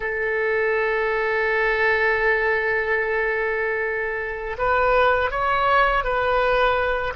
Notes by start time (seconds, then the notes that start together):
0.00 A4
4.57 B4
5.30 C#5
6.04 B4